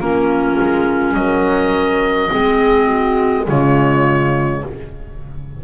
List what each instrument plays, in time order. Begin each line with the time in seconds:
0.00 double bass A#3, clarinet C#4, horn F4, oboe A#4
0.60 double bass G#3
1.14 double bass F#3, horn A#4, oboe D#5
2.30 double bass G#3, clarinet C4, horn G#4
2.87 horn F#4
3.47 double bass C#3, clarinet G#3, horn F4, oboe C#5